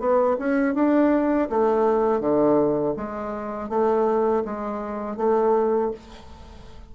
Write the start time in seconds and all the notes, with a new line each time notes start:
0.00 B3
0.39 C#4
0.75 D4
1.50 A3
2.21 D3
2.97 G#3
3.70 A3
4.45 G#3
5.18 A3